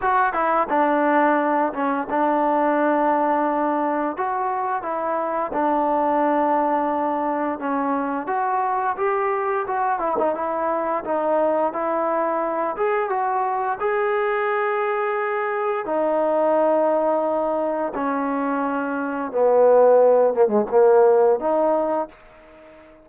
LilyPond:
\new Staff \with { instrumentName = "trombone" } { \time 4/4 \tempo 4 = 87 fis'8 e'8 d'4. cis'8 d'4~ | d'2 fis'4 e'4 | d'2. cis'4 | fis'4 g'4 fis'8 e'16 dis'16 e'4 |
dis'4 e'4. gis'8 fis'4 | gis'2. dis'4~ | dis'2 cis'2 | b4. ais16 gis16 ais4 dis'4 | }